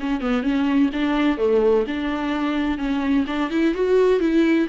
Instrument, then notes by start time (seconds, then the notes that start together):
viola
0.00 C#4
0.21 B3
0.43 C#4
0.93 D4
1.38 A3
1.87 D4
2.78 C#4
3.27 D4
3.51 E4
3.75 F#4
4.20 E4